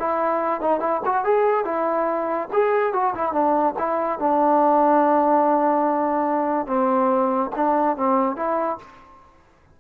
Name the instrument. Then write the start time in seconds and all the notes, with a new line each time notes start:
trombone
0.00 E4
0.61 D#4
0.80 E4
1.06 F#4
1.25 G#4
1.65 E4
2.53 G#4
2.94 F#4
3.15 E4
3.33 D4
3.79 E4
4.19 D4
6.67 C4
7.56 D4
7.97 C4
8.36 E4